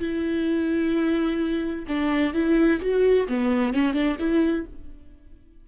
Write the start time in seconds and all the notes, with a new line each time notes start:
0.00 E4
1.88 D4
2.34 E4
2.81 F#4
3.29 B3
3.74 C#4
3.94 D4
4.19 E4